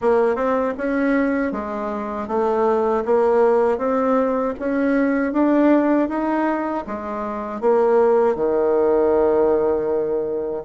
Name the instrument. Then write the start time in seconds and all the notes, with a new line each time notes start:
bassoon
0.01 A#3
0.35 C4
0.77 C#4
1.52 G#3
2.27 A3
3.05 A#3
3.78 C4
4.59 C#4
5.32 D4
6.08 D#4
6.86 G#3
7.60 A#3
8.35 D#3